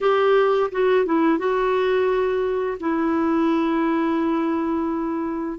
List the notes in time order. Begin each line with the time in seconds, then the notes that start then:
0.00 G4
0.71 F#4
1.05 E4
1.38 F#4
2.79 E4